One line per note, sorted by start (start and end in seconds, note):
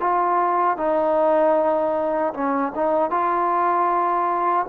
0.00 0.78 F4
0.78 2.33 D#4
2.34 2.73 C#4
2.75 3.10 D#4
3.10 4.66 F4